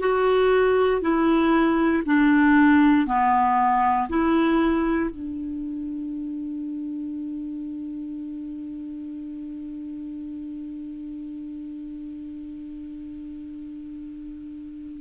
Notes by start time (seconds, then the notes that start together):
0.00 F#4
1.02 E4
2.06 D4
3.07 B3
4.10 E4
5.11 D4